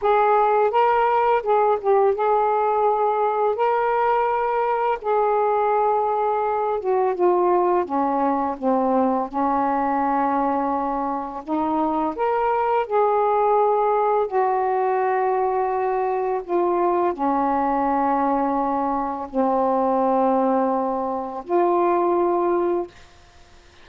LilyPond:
\new Staff \with { instrumentName = "saxophone" } { \time 4/4 \tempo 4 = 84 gis'4 ais'4 gis'8 g'8 gis'4~ | gis'4 ais'2 gis'4~ | gis'4. fis'8 f'4 cis'4 | c'4 cis'2. |
dis'4 ais'4 gis'2 | fis'2. f'4 | cis'2. c'4~ | c'2 f'2 | }